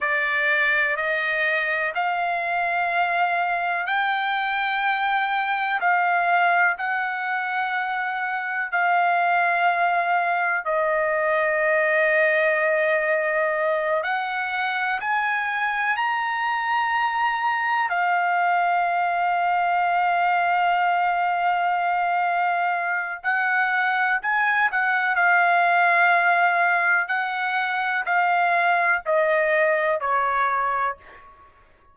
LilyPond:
\new Staff \with { instrumentName = "trumpet" } { \time 4/4 \tempo 4 = 62 d''4 dis''4 f''2 | g''2 f''4 fis''4~ | fis''4 f''2 dis''4~ | dis''2~ dis''8 fis''4 gis''8~ |
gis''8 ais''2 f''4.~ | f''1 | fis''4 gis''8 fis''8 f''2 | fis''4 f''4 dis''4 cis''4 | }